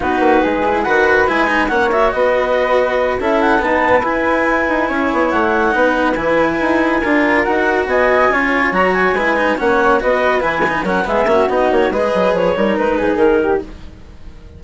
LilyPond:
<<
  \new Staff \with { instrumentName = "clarinet" } { \time 4/4 \tempo 4 = 141 b'2 fis''4 gis''4 | fis''8 e''8 dis''2~ dis''8 e''8 | fis''8 a''4 gis''2~ gis''8~ | gis''8 fis''2 gis''4.~ |
gis''4. fis''4 gis''4.~ | gis''8 ais''8 gis''4. fis''4 dis''8~ | dis''8 gis''4 fis''8 e''4 dis''8 cis''8 | dis''4 cis''4 b'4 ais'4 | }
  \new Staff \with { instrumentName = "flute" } { \time 4/4 fis'4 gis'4 b'2 | cis''4 b'2~ b'8 a'8~ | a'8 b'2. cis''8~ | cis''4. b'2~ b'8~ |
b'8 ais'2 dis''4 cis''8~ | cis''4. b'4 cis''4 b'8~ | b'4. ais'8 gis'8 fis'4. | b'4. ais'4 gis'4 g'8 | }
  \new Staff \with { instrumentName = "cello" } { \time 4/4 dis'4. e'8 fis'4 e'8 dis'8 | cis'8 fis'2. e'8~ | e'8 b4 e'2~ e'8~ | e'4. dis'4 e'4.~ |
e'8 f'4 fis'2 f'8~ | f'8 fis'4 e'8 dis'8 cis'4 fis'8~ | fis'8 e'8 dis'8 cis'8 b8 cis'8 dis'4 | gis'4. dis'2~ dis'8 | }
  \new Staff \with { instrumentName = "bassoon" } { \time 4/4 b8 ais8 gis4 dis4 gis4 | ais4 b2~ b8 cis'8~ | cis'8 dis'4 e'4. dis'8 cis'8 | b8 a4 b4 e4 dis'8~ |
dis'8 d'4 dis'4 b4 cis'8~ | cis'8 fis4 gis4 ais4 b8~ | b8 e4 fis8 gis8 ais8 b8 ais8 | gis8 fis8 f8 g8 gis8 gis,8 dis4 | }
>>